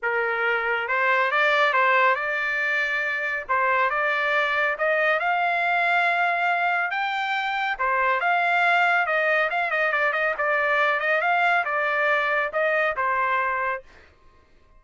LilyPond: \new Staff \with { instrumentName = "trumpet" } { \time 4/4 \tempo 4 = 139 ais'2 c''4 d''4 | c''4 d''2. | c''4 d''2 dis''4 | f''1 |
g''2 c''4 f''4~ | f''4 dis''4 f''8 dis''8 d''8 dis''8 | d''4. dis''8 f''4 d''4~ | d''4 dis''4 c''2 | }